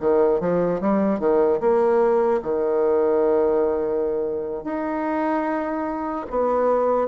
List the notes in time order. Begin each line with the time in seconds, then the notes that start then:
0.00 D#3
0.40 F3
0.80 G3
1.19 D#3
1.60 A#3
2.42 D#3
4.63 D#4
6.30 B3